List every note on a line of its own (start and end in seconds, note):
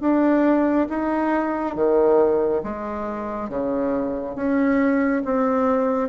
0.00 0.87 D4
0.89 1.75 D#4
1.75 2.62 D#3
2.63 3.49 G#3
3.49 4.35 C#3
4.35 5.22 C#4
5.25 6.09 C4